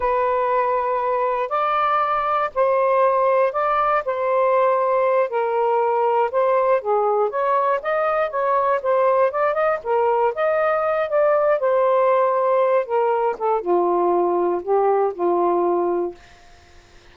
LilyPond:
\new Staff \with { instrumentName = "saxophone" } { \time 4/4 \tempo 4 = 119 b'2. d''4~ | d''4 c''2 d''4 | c''2~ c''8 ais'4.~ | ais'8 c''4 gis'4 cis''4 dis''8~ |
dis''8 cis''4 c''4 d''8 dis''8 ais'8~ | ais'8 dis''4. d''4 c''4~ | c''4. ais'4 a'8 f'4~ | f'4 g'4 f'2 | }